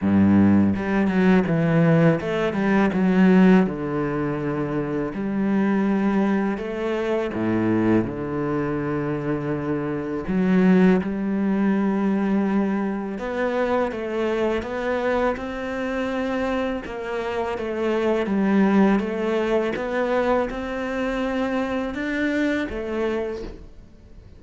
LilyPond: \new Staff \with { instrumentName = "cello" } { \time 4/4 \tempo 4 = 82 g,4 g8 fis8 e4 a8 g8 | fis4 d2 g4~ | g4 a4 a,4 d4~ | d2 fis4 g4~ |
g2 b4 a4 | b4 c'2 ais4 | a4 g4 a4 b4 | c'2 d'4 a4 | }